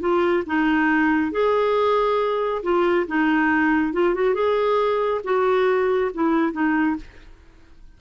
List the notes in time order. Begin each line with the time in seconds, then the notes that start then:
0.00 F4
0.46 D#4
1.32 G#4
2.63 F4
3.07 D#4
3.93 F4
4.14 F#4
4.34 G#4
5.24 F#4
6.14 E4
6.52 D#4